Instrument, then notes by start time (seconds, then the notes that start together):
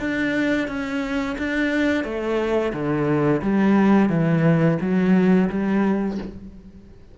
cello
0.00 D4
0.68 C#4
1.39 D4
2.05 A3
2.73 D3
3.43 G3
4.10 E3
4.81 F#3
5.50 G3